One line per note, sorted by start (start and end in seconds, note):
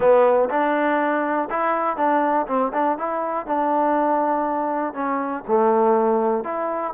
0.00 0.49 B3
0.49 1.49 D4
1.49 1.96 E4
1.96 2.46 D4
2.47 2.72 C4
2.73 2.98 D4
2.98 3.46 E4
3.46 4.93 D4
4.93 5.43 C#4
5.47 6.44 A3
6.44 6.93 E4